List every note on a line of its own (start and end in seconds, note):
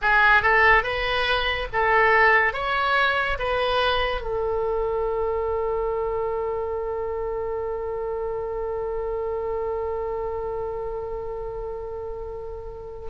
0.01 0.42 G#4
0.42 0.83 A4
0.83 1.67 B4
1.72 2.53 A4
2.53 3.38 C#5
3.38 4.21 B4
4.21 13.08 A4